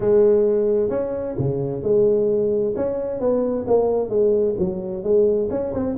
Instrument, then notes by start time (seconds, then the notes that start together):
tuba
0.00 G#3
0.89 C#4
1.38 C#3
1.83 G#3
2.75 C#4
3.19 B3
3.67 A#3
4.09 G#3
4.58 F#3
5.03 G#3
5.50 C#4
5.73 C4